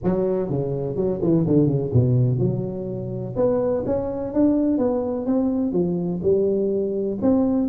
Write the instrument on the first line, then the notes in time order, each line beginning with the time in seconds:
tuba
0.03 F#3
0.49 C#3
0.96 F#3
1.22 E3
1.46 D3
1.67 C#3
1.93 B2
2.38 F#3
3.36 B3
3.86 C#4
4.33 D4
4.78 B3
5.26 C4
5.72 F3
6.22 G3
7.21 C4